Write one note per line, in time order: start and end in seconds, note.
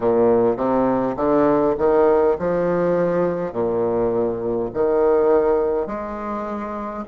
0.00 0.56 A#2
0.56 1.15 C3
1.16 1.75 D3
1.78 2.36 D#3
2.39 3.52 F3
3.52 4.70 A#2
4.73 5.87 D#3
5.87 7.04 G#3